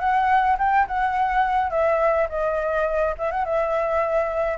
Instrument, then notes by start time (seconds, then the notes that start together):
flute
0.00 F#5
0.58 G5
0.88 F#5
1.71 E5
2.29 D#5
3.18 E5
3.31 F#5
3.45 E5